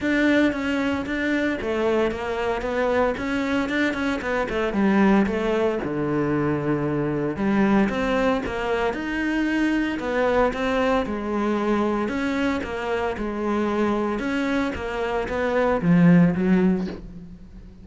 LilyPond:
\new Staff \with { instrumentName = "cello" } { \time 4/4 \tempo 4 = 114 d'4 cis'4 d'4 a4 | ais4 b4 cis'4 d'8 cis'8 | b8 a8 g4 a4 d4~ | d2 g4 c'4 |
ais4 dis'2 b4 | c'4 gis2 cis'4 | ais4 gis2 cis'4 | ais4 b4 f4 fis4 | }